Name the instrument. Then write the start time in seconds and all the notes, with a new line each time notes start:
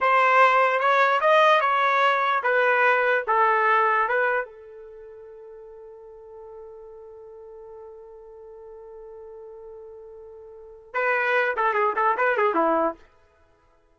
trumpet
0.00 C5
0.79 C#5
1.21 D#5
1.61 C#5
2.43 B4
3.27 A4
4.08 B4
4.45 A4
10.93 B4
11.56 A4
11.73 G#4
11.96 A4
12.17 B4
12.37 G#4
12.54 E4